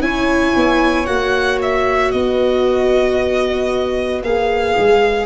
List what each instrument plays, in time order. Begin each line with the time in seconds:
0.00 tuba C#4, viola E4, flute C#5, violin G#5
0.56 tuba B3
1.06 tuba A#3, viola F#4, violin F#5
1.62 violin E5
2.12 tuba B3, flute B4, violin D#5
4.23 tuba A#3, viola G#4, violin F5
4.79 tuba G#3